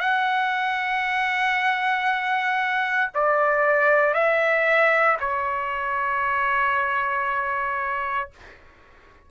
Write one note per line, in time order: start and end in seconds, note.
0.00 3.10 F#5
3.14 4.14 D5
4.14 5.17 E5
5.20 8.30 C#5